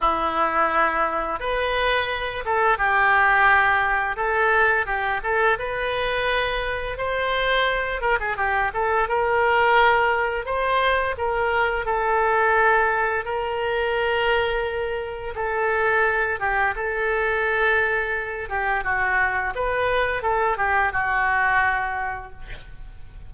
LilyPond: \new Staff \with { instrumentName = "oboe" } { \time 4/4 \tempo 4 = 86 e'2 b'4. a'8 | g'2 a'4 g'8 a'8 | b'2 c''4. ais'16 gis'16 | g'8 a'8 ais'2 c''4 |
ais'4 a'2 ais'4~ | ais'2 a'4. g'8 | a'2~ a'8 g'8 fis'4 | b'4 a'8 g'8 fis'2 | }